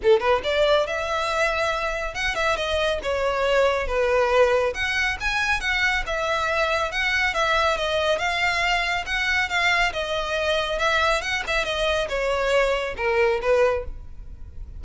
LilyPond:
\new Staff \with { instrumentName = "violin" } { \time 4/4 \tempo 4 = 139 a'8 b'8 d''4 e''2~ | e''4 fis''8 e''8 dis''4 cis''4~ | cis''4 b'2 fis''4 | gis''4 fis''4 e''2 |
fis''4 e''4 dis''4 f''4~ | f''4 fis''4 f''4 dis''4~ | dis''4 e''4 fis''8 e''8 dis''4 | cis''2 ais'4 b'4 | }